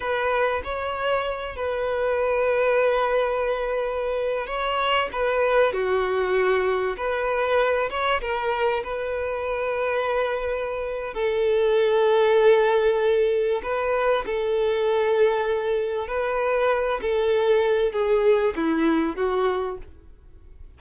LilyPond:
\new Staff \with { instrumentName = "violin" } { \time 4/4 \tempo 4 = 97 b'4 cis''4. b'4.~ | b'2.~ b'16 cis''8.~ | cis''16 b'4 fis'2 b'8.~ | b'8. cis''8 ais'4 b'4.~ b'16~ |
b'2 a'2~ | a'2 b'4 a'4~ | a'2 b'4. a'8~ | a'4 gis'4 e'4 fis'4 | }